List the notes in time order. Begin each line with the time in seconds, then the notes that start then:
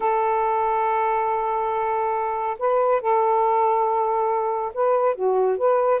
0.00 A4
2.59 B4
3.01 A4
4.74 B4
5.15 F#4
5.57 B4